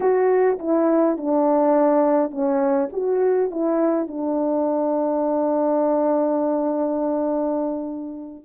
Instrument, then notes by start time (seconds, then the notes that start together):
horn
0.00 F#4
0.58 E4
1.17 D4
2.30 C#4
2.92 F#4
3.51 E4
4.07 D4